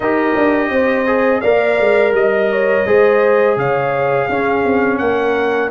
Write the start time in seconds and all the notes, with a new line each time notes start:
0.00 D#4 G4 A#4 D#5
0.36 D4
0.69 C4 C5
1.06 G#4
1.40 A#3 A#4 D5 F5
1.79 G#3
2.12 G3 D#5
2.52 C#5
2.86 G#3 G#4 C5
3.56 C#3 C#5 F5
4.26 C#4 G#4
4.64 C4
4.98 A#3 A#4 F#5